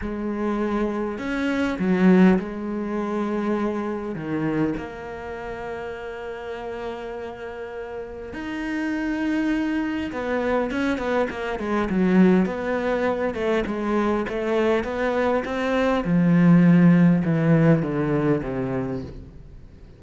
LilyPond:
\new Staff \with { instrumentName = "cello" } { \time 4/4 \tempo 4 = 101 gis2 cis'4 fis4 | gis2. dis4 | ais1~ | ais2 dis'2~ |
dis'4 b4 cis'8 b8 ais8 gis8 | fis4 b4. a8 gis4 | a4 b4 c'4 f4~ | f4 e4 d4 c4 | }